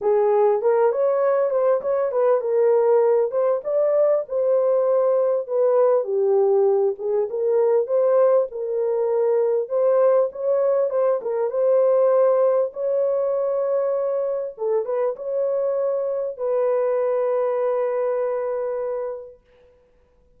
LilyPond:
\new Staff \with { instrumentName = "horn" } { \time 4/4 \tempo 4 = 99 gis'4 ais'8 cis''4 c''8 cis''8 b'8 | ais'4. c''8 d''4 c''4~ | c''4 b'4 g'4. gis'8 | ais'4 c''4 ais'2 |
c''4 cis''4 c''8 ais'8 c''4~ | c''4 cis''2. | a'8 b'8 cis''2 b'4~ | b'1 | }